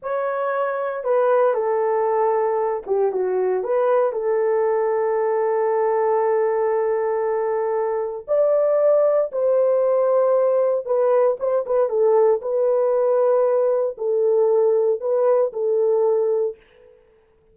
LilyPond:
\new Staff \with { instrumentName = "horn" } { \time 4/4 \tempo 4 = 116 cis''2 b'4 a'4~ | a'4. g'8 fis'4 b'4 | a'1~ | a'1 |
d''2 c''2~ | c''4 b'4 c''8 b'8 a'4 | b'2. a'4~ | a'4 b'4 a'2 | }